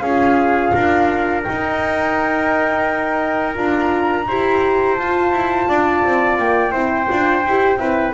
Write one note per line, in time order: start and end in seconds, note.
0.00 0.72 C#4
0.00 1.45 F4
0.00 0.74 G#4
0.00 1.41 F5
0.74 1.46 D4
0.74 4.27 A#4
1.44 3.55 D#4
1.44 3.57 D#4
1.44 3.55 G5
3.55 4.28 D4
3.55 4.25 F4
3.55 4.96 A#5
4.28 4.99 E4
4.28 5.00 G4
4.28 5.69 C5
4.96 5.32 F4
4.96 6.72 F4
4.96 6.37 A5
5.32 5.67 E4
5.69 6.04 D4
5.69 6.72 D5
6.04 6.39 C4
6.39 6.73 A#3
6.39 8.14 G5
6.72 7.08 C4
6.72 7.08 E4
6.72 7.78 C5
7.10 7.47 D4
7.10 7.45 F4
7.47 7.77 E4
7.47 7.79 G4
7.77 8.13 C4
7.77 8.14 E4
7.77 8.14 B4